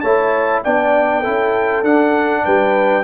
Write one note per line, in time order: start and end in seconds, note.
0.00 0.62 A3
0.00 0.65 E4
0.00 0.62 C#5
0.00 0.61 A5
0.64 1.26 B3
0.64 1.23 D4
0.64 1.20 D5
0.64 1.84 G5
1.20 1.84 E4
1.20 2.41 A4
1.26 1.82 C#4
1.82 2.43 D4
1.82 3.03 D4
1.82 2.45 F#5
2.44 3.03 G3
2.44 3.03 B4
2.44 3.03 G5